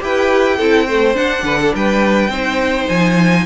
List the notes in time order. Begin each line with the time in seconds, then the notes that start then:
0.00 E4 G4 B4 G5
0.57 C4 E4 A4
0.87 A3 C5
1.15 D4 F#5
1.43 D3 B4
1.61 A4
1.75 G3 B4 G5
2.29 C4 D#4 C5
2.89 F3 G#5